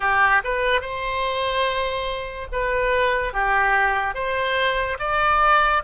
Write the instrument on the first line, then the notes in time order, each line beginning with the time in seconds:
oboe
0.00 G4
0.44 B4
0.81 C5
2.52 B4
3.33 G4
4.14 C5
4.99 D5